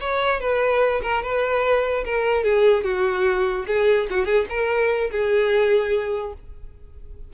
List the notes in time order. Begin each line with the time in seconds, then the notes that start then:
0.00 C#5
0.40 B4
1.02 A#4
1.22 B4
2.04 A#4
2.44 G#4
2.84 F#4
3.66 G#4
4.10 F#4
4.25 G#4
4.49 A#4
5.11 G#4